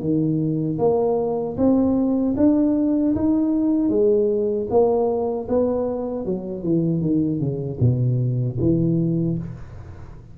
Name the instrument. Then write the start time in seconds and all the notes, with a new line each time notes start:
tuba
0.00 D#3
0.79 A#3
1.57 C4
2.37 D4
3.15 D#4
3.89 G#3
4.70 A#3
5.48 B3
6.25 F#3
6.63 E3
7.01 D#3
7.39 C#3
7.80 B2
8.60 E3